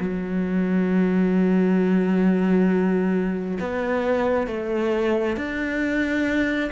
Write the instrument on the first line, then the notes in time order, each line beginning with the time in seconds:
cello
0.00 F#3
3.60 B3
4.47 A3
5.36 D4